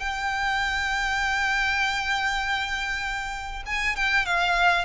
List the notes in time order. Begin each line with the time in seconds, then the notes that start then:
0.00 G5
3.66 G#5
3.96 G5
4.26 F5